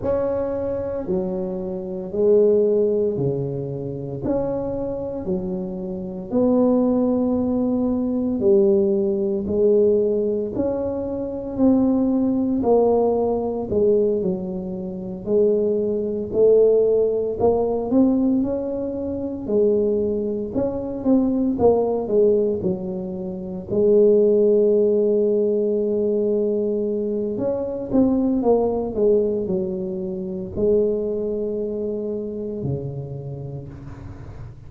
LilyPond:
\new Staff \with { instrumentName = "tuba" } { \time 4/4 \tempo 4 = 57 cis'4 fis4 gis4 cis4 | cis'4 fis4 b2 | g4 gis4 cis'4 c'4 | ais4 gis8 fis4 gis4 a8~ |
a8 ais8 c'8 cis'4 gis4 cis'8 | c'8 ais8 gis8 fis4 gis4.~ | gis2 cis'8 c'8 ais8 gis8 | fis4 gis2 cis4 | }